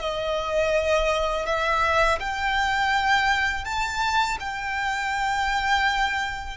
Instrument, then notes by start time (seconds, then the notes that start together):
violin
0.00 D#5
1.46 E5
2.20 G5
3.65 A5
4.40 G5